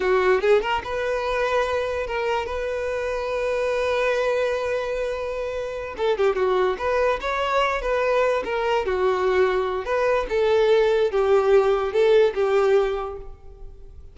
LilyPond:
\new Staff \with { instrumentName = "violin" } { \time 4/4 \tempo 4 = 146 fis'4 gis'8 ais'8 b'2~ | b'4 ais'4 b'2~ | b'1~ | b'2~ b'8 a'8 g'8 fis'8~ |
fis'8 b'4 cis''4. b'4~ | b'8 ais'4 fis'2~ fis'8 | b'4 a'2 g'4~ | g'4 a'4 g'2 | }